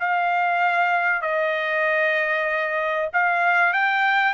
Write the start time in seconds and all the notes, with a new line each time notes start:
0.00 F5
1.22 D#5
3.13 F5
3.73 G5